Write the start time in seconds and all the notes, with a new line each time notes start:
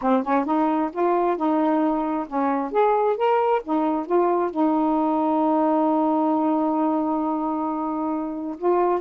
0.01 C4
0.23 C#4
0.45 D#4
0.92 F4
1.36 D#4
2.27 C#4
2.71 G#4
3.16 A#4
3.64 D#4
4.06 F4
4.50 D#4
8.58 F4